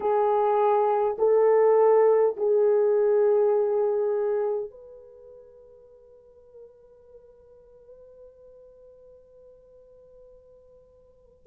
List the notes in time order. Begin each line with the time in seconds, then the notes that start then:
0.00 G#4
1.18 A4
2.36 G#4
4.70 B4